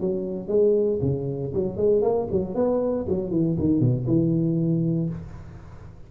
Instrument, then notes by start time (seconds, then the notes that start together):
tuba
0.00 F#3
0.48 G#3
1.01 C#3
1.54 F#3
1.76 G#3
2.02 A#3
2.31 F#3
2.55 B3
3.08 F#3
3.31 E3
3.59 D#3
3.80 B2
4.06 E3